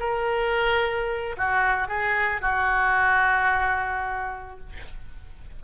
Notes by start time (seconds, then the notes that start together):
0.00 A#4
1.38 F#4
1.89 G#4
2.42 F#4